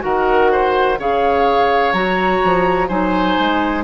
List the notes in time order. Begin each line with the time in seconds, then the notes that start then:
0.00 D#3 F#4 A#4 F#5
0.52 C5
0.99 C#3 G#4 C#5 F5
1.92 F#3 F#4 A#5
2.44 F3
2.88 F#3 D#4 C5 G#5
3.39 G#3